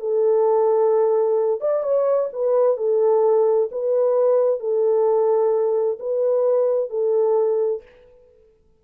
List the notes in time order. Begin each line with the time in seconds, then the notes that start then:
0.00 A4
1.61 D5
1.83 C#5
2.33 B4
2.77 A4
3.72 B4
4.60 A4
5.99 B4
6.90 A4